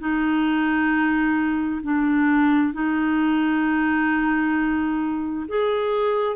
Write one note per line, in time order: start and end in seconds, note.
0.00 1.82 D#4
1.83 2.74 D4
2.74 5.46 D#4
5.48 6.36 G#4